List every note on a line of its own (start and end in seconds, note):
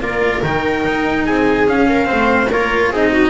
0.00 0.41 A#3
0.00 0.42 F4
0.00 1.25 A#4
0.00 0.44 D5
0.43 0.84 D#3
0.43 1.67 D#4
0.43 1.26 G5
0.86 1.28 D#4
1.25 1.69 C4
1.25 1.87 G#4
1.25 1.67 G#5
1.67 2.05 C#4
1.67 2.11 C#4
1.67 2.51 F5
1.89 2.08 A#4
2.05 2.47 C4
2.05 2.50 C5
2.12 2.52 A3
2.50 2.91 A#3
2.50 2.94 F4
2.50 2.91 A#4
2.50 2.93 C#5
2.91 3.30 C4
2.91 3.30 D#4
2.91 3.11 G#4
2.91 3.30 D#5
3.12 3.30 F#4